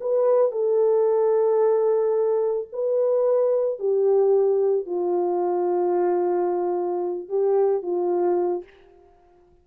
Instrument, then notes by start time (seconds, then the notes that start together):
horn
0.00 B4
0.51 A4
2.72 B4
3.79 G4
4.86 F4
7.29 G4
7.82 F4